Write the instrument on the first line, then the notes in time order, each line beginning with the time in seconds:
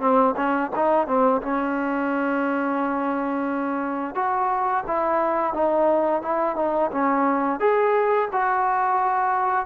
trombone
0.00 C4
0.36 C#4
0.75 D#4
1.07 C4
1.41 C#4
4.15 F#4
4.87 E4
5.53 D#4
6.22 E4
6.56 D#4
6.91 C#4
7.60 G#4
8.32 F#4